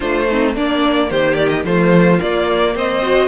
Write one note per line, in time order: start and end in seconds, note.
0.00 0.56 A3
0.00 0.28 D4
0.00 0.27 F4
0.00 0.55 C5
0.28 0.57 C4
0.28 0.54 D#4
0.54 1.10 A#3
0.54 1.65 A#3
0.54 1.09 D4
0.54 1.10 D5
1.10 1.64 D#3
1.10 1.65 G4
1.10 1.34 C5
1.34 1.48 D5
1.48 1.62 D#5
1.64 2.19 F3
1.64 2.20 A3
1.64 2.74 F4
1.64 2.20 C5
2.20 3.02 A#3
2.20 2.75 A#3
2.20 2.76 D5
2.74 3.27 C4
2.74 3.27 C5
2.74 3.27 D#5
3.02 3.27 F#4